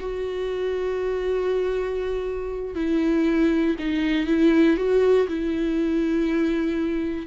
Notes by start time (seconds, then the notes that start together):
0.00 F#4
2.76 E4
3.79 D#4
4.27 E4
4.77 F#4
5.28 E4